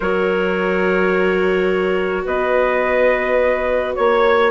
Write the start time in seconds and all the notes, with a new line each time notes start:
0.00 F#3 F#4 A#4 C#5
2.24 B3 B4 D#5
3.95 A#3 C#5